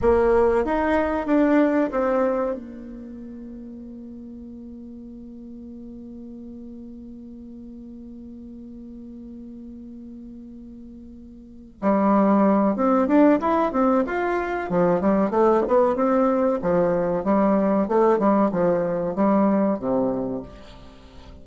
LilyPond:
\new Staff \with { instrumentName = "bassoon" } { \time 4/4 \tempo 4 = 94 ais4 dis'4 d'4 c'4 | ais1~ | ais1~ | ais1~ |
ais2~ ais8 g4. | c'8 d'8 e'8 c'8 f'4 f8 g8 | a8 b8 c'4 f4 g4 | a8 g8 f4 g4 c4 | }